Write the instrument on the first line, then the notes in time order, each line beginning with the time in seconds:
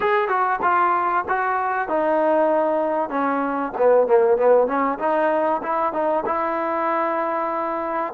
trombone
0.00 G#4
0.28 F#4
0.62 F4
1.28 F#4
1.88 D#4
3.09 C#4
3.77 B3
4.07 A#3
4.37 B3
4.67 C#4
4.99 D#4
5.62 E4
5.92 D#4
6.25 E4